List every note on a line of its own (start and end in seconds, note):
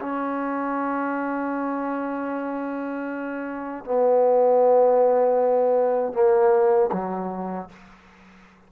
0.00 3.85 C#4
3.85 6.13 B3
6.13 6.90 A#3
6.92 7.69 F#3